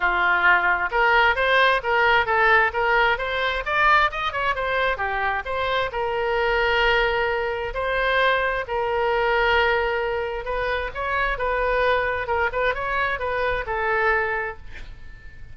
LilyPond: \new Staff \with { instrumentName = "oboe" } { \time 4/4 \tempo 4 = 132 f'2 ais'4 c''4 | ais'4 a'4 ais'4 c''4 | d''4 dis''8 cis''8 c''4 g'4 | c''4 ais'2.~ |
ais'4 c''2 ais'4~ | ais'2. b'4 | cis''4 b'2 ais'8 b'8 | cis''4 b'4 a'2 | }